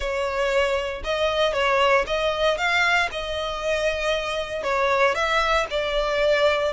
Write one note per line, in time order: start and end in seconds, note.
0.00 1.03 C#5
1.04 1.53 D#5
1.53 2.05 C#5
2.06 2.57 D#5
2.57 3.09 F5
3.11 4.63 D#5
4.63 5.14 C#5
5.14 5.66 E5
5.70 6.72 D5